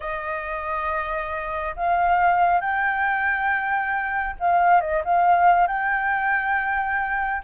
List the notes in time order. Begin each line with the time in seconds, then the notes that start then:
0.00 D#5
1.76 F5
2.60 G5
4.39 F5
4.81 D#5
5.04 F5
5.67 G5